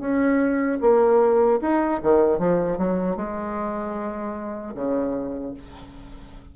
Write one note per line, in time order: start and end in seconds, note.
0.00 0.79 C#4
0.81 1.60 A#3
1.61 2.01 D#4
2.03 2.39 D#3
2.39 2.78 F3
2.78 3.17 F#3
3.17 4.74 G#3
4.75 5.54 C#3